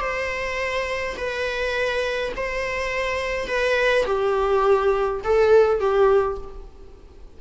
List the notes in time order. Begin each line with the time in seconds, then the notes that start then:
0.00 C5
1.17 B4
2.36 C5
3.47 B4
4.05 G4
5.24 A4
5.80 G4